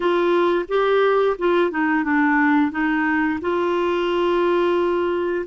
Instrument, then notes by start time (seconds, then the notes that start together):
clarinet
0.00 F4
0.68 G4
1.38 F4
1.70 D#4
2.04 D4
2.71 D#4
3.41 F4